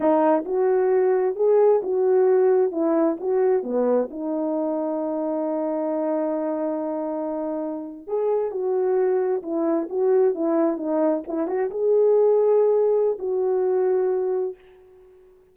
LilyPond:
\new Staff \with { instrumentName = "horn" } { \time 4/4 \tempo 4 = 132 dis'4 fis'2 gis'4 | fis'2 e'4 fis'4 | b4 dis'2.~ | dis'1~ |
dis'4.~ dis'16 gis'4 fis'4~ fis'16~ | fis'8. e'4 fis'4 e'4 dis'16~ | dis'8. e'8 fis'8 gis'2~ gis'16~ | gis'4 fis'2. | }